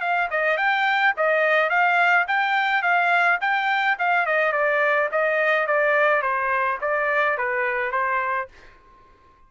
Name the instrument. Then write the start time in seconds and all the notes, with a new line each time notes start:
trumpet
0.00 F5
0.30 D#5
0.57 G5
1.16 D#5
1.69 F5
2.27 G5
2.82 F5
3.40 G5
3.98 F5
4.26 D#5
4.52 D5
5.11 D#5
5.67 D5
6.21 C5
6.81 D5
7.37 B4
7.91 C5